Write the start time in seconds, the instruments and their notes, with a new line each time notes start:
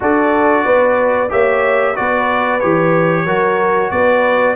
0.00 tuba D4, trombone F#4, horn A4, trumpet D5
0.65 tuba B3, horn B4
1.29 tuba A#3, trombone G4, horn C#5, trumpet E5
1.95 tuba B3, trombone F#4, horn B4, trumpet D5
2.60 tuba E3, trombone G4, trumpet C#5
3.25 tuba F#3, trombone F#4, horn A#4
3.90 tuba B3, horn B4, trumpet D5